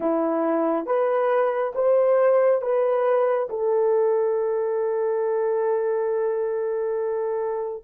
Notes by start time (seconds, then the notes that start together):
0.00 E4
0.85 B4
1.74 C5
2.61 B4
3.49 A4